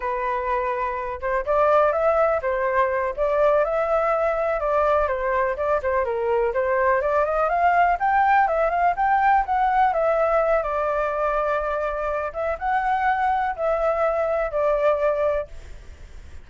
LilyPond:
\new Staff \with { instrumentName = "flute" } { \time 4/4 \tempo 4 = 124 b'2~ b'8 c''8 d''4 | e''4 c''4. d''4 e''8~ | e''4. d''4 c''4 d''8 | c''8 ais'4 c''4 d''8 dis''8 f''8~ |
f''8 g''4 e''8 f''8 g''4 fis''8~ | fis''8 e''4. d''2~ | d''4. e''8 fis''2 | e''2 d''2 | }